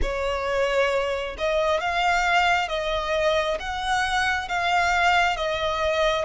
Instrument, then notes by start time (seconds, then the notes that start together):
violin
0.02 C#5
1.38 D#5
1.80 F5
2.68 D#5
3.59 F#5
4.48 F5
5.36 D#5